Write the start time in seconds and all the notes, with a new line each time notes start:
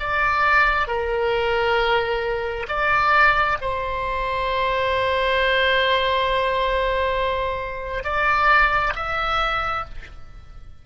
0.00 D5
0.88 A#4
2.68 D5
3.61 C5
8.04 D5
8.96 E5